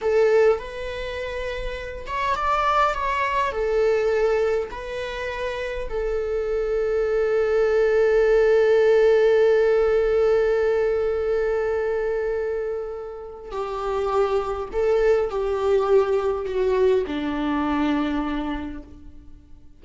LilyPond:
\new Staff \with { instrumentName = "viola" } { \time 4/4 \tempo 4 = 102 a'4 b'2~ b'8 cis''8 | d''4 cis''4 a'2 | b'2 a'2~ | a'1~ |
a'1~ | a'2. g'4~ | g'4 a'4 g'2 | fis'4 d'2. | }